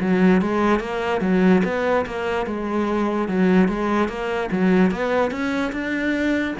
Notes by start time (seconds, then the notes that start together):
0.00 F#3
0.41 G#3
0.80 A#3
1.21 F#3
1.64 B3
2.05 A#3
2.46 G#3
3.28 F#3
3.68 G#3
4.08 A#3
4.51 F#3
4.91 B3
5.31 C#4
5.72 D4